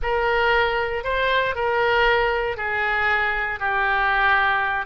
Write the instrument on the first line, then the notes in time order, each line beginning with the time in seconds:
oboe
0.02 A#4
1.04 C5
1.55 A#4
2.56 G#4
3.59 G4